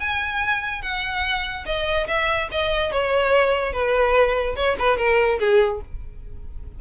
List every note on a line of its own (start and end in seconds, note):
0.00 0.82 G#5
0.82 1.65 F#5
1.66 2.07 D#5
2.07 2.49 E5
2.52 2.92 D#5
2.92 3.73 C#5
3.73 4.55 B4
4.56 4.76 C#5
4.79 4.98 B4
4.98 5.39 A#4
5.39 5.81 G#4